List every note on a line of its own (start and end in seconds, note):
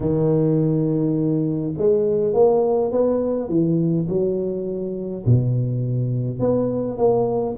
0.00 1.73 D#3
1.77 2.33 G#3
2.33 2.91 A#3
2.91 3.48 B3
3.48 4.07 E3
4.08 5.25 F#3
5.25 6.39 B2
6.39 6.97 B3
6.97 7.55 A#3